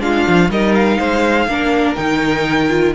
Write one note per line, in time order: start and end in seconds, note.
0.00 0.25 G#3
0.00 0.49 D4
0.00 0.51 F4
0.00 0.50 F5
0.28 0.49 F3
0.49 0.98 G3
0.49 1.49 D#4
0.49 0.98 A#4
0.49 0.75 D#5
0.75 1.95 F5
0.98 1.47 G#3
0.98 1.47 C5
1.47 1.96 A#3
1.47 1.97 D4
1.47 2.95 A#4
1.95 2.95 D#3
1.95 2.69 D#4
1.95 2.93 G5
2.69 2.93 F4